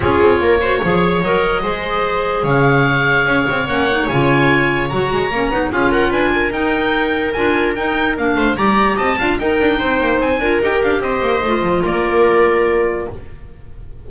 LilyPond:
<<
  \new Staff \with { instrumentName = "oboe" } { \time 4/4 \tempo 4 = 147 cis''2. dis''4~ | dis''2 f''2~ | f''4 fis''4 gis''2 | ais''2 f''8 fis''8 gis''4 |
g''2 gis''4 g''4 | f''4 ais''4 a''4 g''4~ | g''4 gis''4 g''8 f''8 dis''4~ | dis''4 d''2. | }
  \new Staff \with { instrumentName = "viola" } { \time 4/4 gis'4 ais'8 c''8 cis''2 | c''2 cis''2~ | cis''1~ | cis''2 gis'8 ais'8 b'8 ais'8~ |
ais'1~ | ais'8 c''8 d''4 dis''8 f''8 ais'4 | c''4. ais'4. c''4~ | c''4 ais'2. | }
  \new Staff \with { instrumentName = "clarinet" } { \time 4/4 f'4. fis'8 gis'4 ais'4 | gis'1~ | gis'4 cis'8 dis'8 f'2 | fis'4 cis'8 dis'8 f'2 |
dis'2 f'4 dis'4 | d'4 g'4. f'8 dis'4~ | dis'4. f'8 g'2 | f'1 | }
  \new Staff \with { instrumentName = "double bass" } { \time 4/4 cis'8 c'8 ais4 f4 fis4 | gis2 cis2 | cis'8 c'8 ais4 cis2 | fis8 gis8 ais8 b8 cis'4 d'4 |
dis'2 d'4 dis'4 | ais8 a8 g4 c'8 d'8 dis'8 d'8 | c'8 ais8 c'8 d'8 dis'8 d'8 c'8 ais8 | a8 f8 ais2. | }
>>